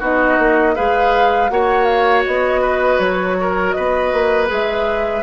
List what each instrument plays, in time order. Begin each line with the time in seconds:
0.00 bassoon B3, clarinet D#4, oboe F#4, flute D#5
0.39 bassoon A#3
0.75 bassoon G#3, clarinet G#4, oboe B4, flute F5
1.50 bassoon A#3, clarinet F#4, oboe C#5, flute F#5
1.85 flute F5
2.27 bassoon B3, flute D#5
2.62 oboe B4
2.99 bassoon F#3, flute C#5
3.41 oboe A#4
3.72 oboe B4, flute D#5
3.78 bassoon B3
4.13 bassoon A#3
4.47 bassoon G#3, clarinet G#4, flute E5